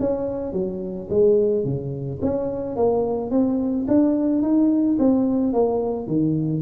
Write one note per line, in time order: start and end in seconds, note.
0.00 0.53 C#4
0.53 1.09 F#3
1.10 1.65 G#3
1.65 2.20 C#3
2.22 2.77 C#4
2.77 3.31 A#3
3.31 3.87 C4
3.88 4.42 D4
4.42 4.98 D#4
4.99 5.54 C4
5.54 6.07 A#3
6.07 6.63 D#3